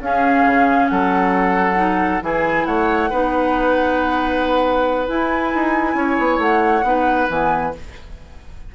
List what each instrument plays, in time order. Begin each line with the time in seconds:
0.00 bassoon C#4, clarinet C#4, oboe G#4, flute F5
0.45 bassoon C#3
0.88 bassoon F#3, oboe A4, flute F#5
1.75 clarinet D#4
2.21 bassoon E3, clarinet E4, oboe G#4, flute G#5
2.65 bassoon A3, oboe C#5, flute F#5
3.09 bassoon B3, clarinet D#4, oboe B4
5.07 clarinet E4, bassoon E4, flute G#5
5.54 bassoon D#4
5.94 bassoon C#4, oboe C#5
6.18 bassoon B3
6.38 bassoon A3, flute F#5
6.83 bassoon B3, clarinet D#4, oboe B4
7.29 bassoon E3, clarinet B3, flute G#5